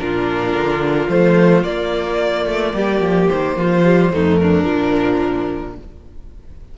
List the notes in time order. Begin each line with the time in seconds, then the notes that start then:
0.00 A#2 D4 F4 A#4
0.53 D3
1.09 F3 A3 C5
1.64 A#3 D5
2.46 A3
2.74 G3 G4
3.01 F3
3.28 D#3 C5
3.57 F3 F4
3.85 G3
4.13 F2 A3 D#4
4.37 D4 A#4
4.64 A#2 F3